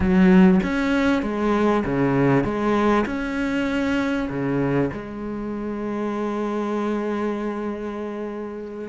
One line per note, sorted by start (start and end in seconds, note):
0.00 0.60 F#3
0.63 1.22 C#4
1.22 1.83 G#3
1.84 2.44 C#3
2.44 3.05 G#3
3.06 4.28 C#4
4.29 4.90 C#3
4.92 8.88 G#3